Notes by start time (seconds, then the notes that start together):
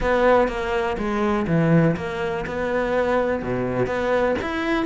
0.00 B3
0.48 A#3
0.97 G#3
1.47 E3
1.96 A#3
2.46 B3
3.42 B2
3.86 B3
4.41 E4